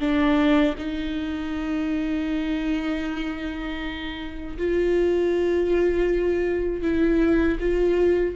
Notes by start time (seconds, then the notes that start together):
0.00 D4
0.78 D#4
4.58 F4
6.83 E4
7.61 F4